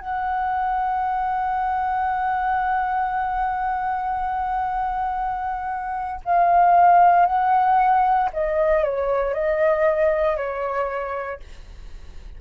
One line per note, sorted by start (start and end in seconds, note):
0.00 6.21 F#5
6.25 7.26 F5
7.26 8.29 F#5
8.33 8.84 D#5
8.84 9.34 C#5
9.34 10.36 D#5
10.36 11.40 C#5